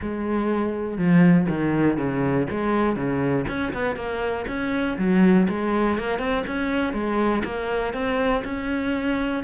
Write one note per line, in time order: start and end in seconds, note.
0.01 0.97 G#3
0.97 1.47 F3
1.48 1.97 D#3
1.97 2.47 C#3
2.50 2.96 G#3
2.96 3.45 C#3
3.48 3.73 C#4
3.73 3.96 B3
3.96 4.45 A#3
4.47 4.97 C#4
4.98 5.47 F#3
5.48 5.98 G#3
5.98 6.19 A#3
6.19 6.43 C4
6.46 6.93 C#4
6.93 7.42 G#3
7.44 7.93 A#3
7.93 8.43 C4
8.44 9.43 C#4